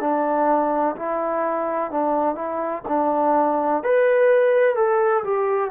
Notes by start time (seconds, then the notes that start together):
0.00 D4
0.96 E4
1.91 D4
2.35 E4
2.88 D4
3.83 B4
4.75 A4
5.23 G4